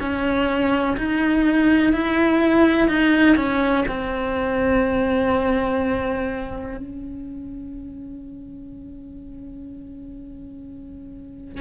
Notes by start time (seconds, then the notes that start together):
0.00 C#4
0.97 D#4
1.93 E4
2.88 D#4
3.36 C#4
3.88 C4
6.78 C#4